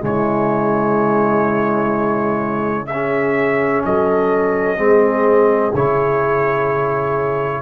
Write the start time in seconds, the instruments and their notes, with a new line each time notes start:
0.00 tuba C#3, trombone G#3, horn E4, trumpet C#5
2.86 horn G#4, trumpet E5
2.93 trombone C#4
3.85 tuba F#3, horn A4, trumpet D#5
4.77 tuba G#3, trombone C4, horn G#4
5.74 tuba C#3, trombone E4, trumpet C#5